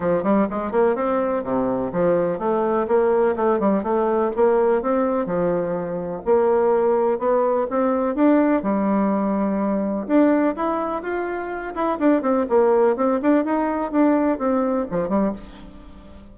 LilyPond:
\new Staff \with { instrumentName = "bassoon" } { \time 4/4 \tempo 4 = 125 f8 g8 gis8 ais8 c'4 c4 | f4 a4 ais4 a8 g8 | a4 ais4 c'4 f4~ | f4 ais2 b4 |
c'4 d'4 g2~ | g4 d'4 e'4 f'4~ | f'8 e'8 d'8 c'8 ais4 c'8 d'8 | dis'4 d'4 c'4 f8 g8 | }